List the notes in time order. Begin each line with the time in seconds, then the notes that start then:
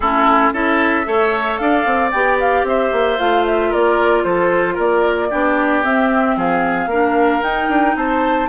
0.00 A3 C#4 E4 A4
0.52 C#4 E4 A4 E5
1.04 A3 A4 C#5
1.57 D4 D5 F5
1.85 C4
2.11 B3 G4 G5
2.40 F5
2.63 C4 C5 E5
2.91 A#3
3.18 A3 F4 F5
3.46 E5
3.70 A#3 A#4 D5
4.23 F3 A4 C5
4.74 A#3 A#4 D5
5.30 B3 D4 G4
5.83 C4 E5
6.36 F3 G#4 F5
6.86 A#3 D4 A#4
7.42 D#4 G5
7.68 D4
7.95 C4 C5 A5